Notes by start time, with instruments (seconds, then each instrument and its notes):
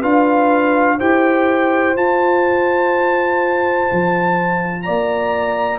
0.00 tuba D4, trombone F4, horn B4, trumpet F5
0.97 tuba E4, trombone G4, horn C5, trumpet G5
1.95 trombone F4, tuba F4, trumpet A5
3.92 tuba F3
4.82 tuba A#3, horn D5, trumpet A#5